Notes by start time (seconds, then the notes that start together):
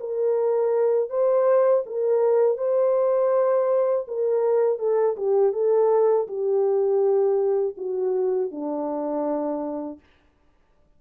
0.00 A#4
1.09 C5
1.86 A#4
2.58 C5
4.07 A#4
4.78 A4
5.17 G4
5.53 A4
6.27 G4
7.77 F#4
8.51 D4